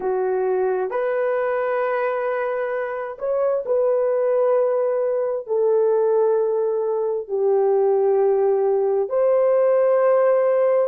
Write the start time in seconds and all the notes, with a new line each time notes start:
0.00 F#4
0.90 B4
3.18 C#5
3.65 B4
5.46 A4
7.28 G4
9.09 C5